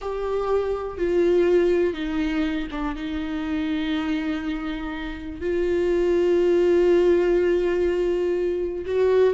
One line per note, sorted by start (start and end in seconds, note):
0.01 0.97 G4
0.97 1.93 F4
1.93 2.67 D#4
2.71 2.95 D4
2.95 5.41 D#4
5.41 8.85 F4
8.85 9.34 F#4